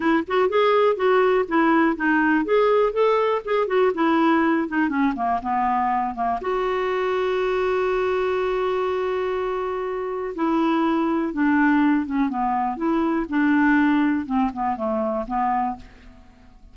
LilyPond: \new Staff \with { instrumentName = "clarinet" } { \time 4/4 \tempo 4 = 122 e'8 fis'8 gis'4 fis'4 e'4 | dis'4 gis'4 a'4 gis'8 fis'8 | e'4. dis'8 cis'8 ais8 b4~ | b8 ais8 fis'2.~ |
fis'1~ | fis'4 e'2 d'4~ | d'8 cis'8 b4 e'4 d'4~ | d'4 c'8 b8 a4 b4 | }